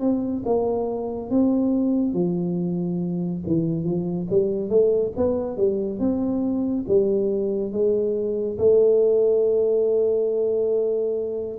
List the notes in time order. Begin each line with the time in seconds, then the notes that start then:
0.00 C4
0.45 A#3
1.30 C4
2.13 F3
3.47 E3
3.85 F3
4.30 G3
4.69 A3
5.17 B3
5.57 G3
5.99 C4
6.88 G3
7.72 G#3
8.58 A3